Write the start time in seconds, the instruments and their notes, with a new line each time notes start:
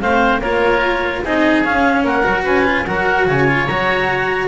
0.00 double bass A3, cello C4, oboe C5, clarinet F5
0.39 double bass A#3, cello F4, oboe A#4, clarinet C#5
1.24 double bass C4, cello D#4, oboe G#4, clarinet D#5
1.64 cello C#4, double bass C#4, clarinet F5
2.03 double bass A#3, oboe A#4, clarinet F#5
2.23 double bass F#3, cello F#4
2.43 double bass C#4, oboe B4, clarinet G#5
2.64 cello F4
2.86 double bass F#3, cello F#4, oboe A#4, clarinet F#5
3.26 double bass C#3, oboe C#5, clarinet G#5
3.47 cello F4
3.67 double bass F#3, cello F#4, clarinet A#5